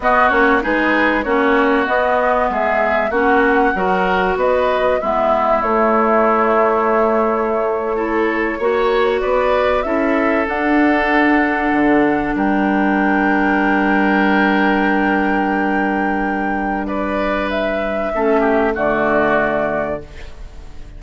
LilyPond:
<<
  \new Staff \with { instrumentName = "flute" } { \time 4/4 \tempo 4 = 96 dis''8 cis''8 b'4 cis''4 dis''4 | e''4 fis''2 dis''4 | e''4 cis''2.~ | cis''2~ cis''8. d''4 e''16~ |
e''8. fis''2. g''16~ | g''1~ | g''2. d''4 | e''2 d''2 | }
  \new Staff \with { instrumentName = "oboe" } { \time 4/4 fis'4 gis'4 fis'2 | gis'4 fis'4 ais'4 b'4 | e'1~ | e'8. a'4 cis''4 b'4 a'16~ |
a'2.~ a'8. ais'16~ | ais'1~ | ais'2. b'4~ | b'4 a'8 g'8 fis'2 | }
  \new Staff \with { instrumentName = "clarinet" } { \time 4/4 b8 cis'8 dis'4 cis'4 b4~ | b4 cis'4 fis'2 | b4 a2.~ | a8. e'4 fis'2 e'16~ |
e'8. d'2.~ d'16~ | d'1~ | d'1~ | d'4 cis'4 a2 | }
  \new Staff \with { instrumentName = "bassoon" } { \time 4/4 b8 ais8 gis4 ais4 b4 | gis4 ais4 fis4 b4 | gis4 a2.~ | a4.~ a16 ais4 b4 cis'16~ |
cis'8. d'2 d4 g16~ | g1~ | g1~ | g4 a4 d2 | }
>>